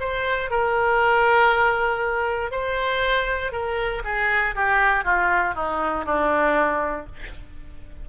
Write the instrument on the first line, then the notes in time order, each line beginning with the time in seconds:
oboe
0.00 C5
0.50 A#4
2.51 C5
3.52 A#4
4.05 G#4
4.55 G4
5.05 F4
5.55 D#4
6.05 D4